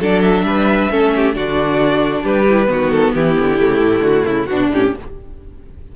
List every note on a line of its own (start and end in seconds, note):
0.00 0.43 F#3
0.00 0.90 D4
0.00 0.45 A4
0.00 0.21 D5
0.21 1.33 E5
0.43 0.88 G3
0.43 0.91 B4
0.90 1.35 A3
0.90 1.33 C#4
0.90 1.13 A4
1.15 1.35 G4
1.33 2.24 D3
1.33 2.45 D4
1.33 2.22 F#4
1.33 2.25 D5
2.22 2.68 G3
2.22 2.67 G4
2.22 2.91 B4
2.49 2.67 E4
2.67 3.13 D#3
2.67 3.56 B3
2.67 3.15 F#4
2.91 3.13 A4
3.14 3.37 E3
3.14 4.50 E4
3.14 4.04 G4
3.39 3.61 D3
3.58 3.80 C#3
3.58 4.48 A3
3.80 4.00 A2
4.00 4.22 D3
4.00 4.25 F#4
4.25 4.47 C#3
4.25 4.46 E4
4.46 4.69 B2
4.46 4.72 D4
4.46 4.96 D4
4.46 4.69 F#4
4.70 4.92 A2
4.70 4.94 C#4
4.70 4.96 G4